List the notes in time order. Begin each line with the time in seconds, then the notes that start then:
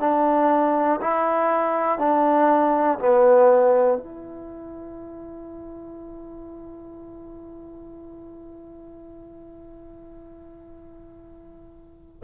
0.00 D4
1.01 E4
1.99 D4
2.99 B3
3.98 E4